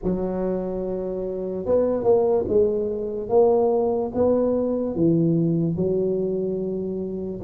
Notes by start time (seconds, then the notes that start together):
0.03 F#3
1.65 B3
2.03 A#3
2.48 G#3
3.29 A#3
4.14 B3
4.95 E3
5.76 F#3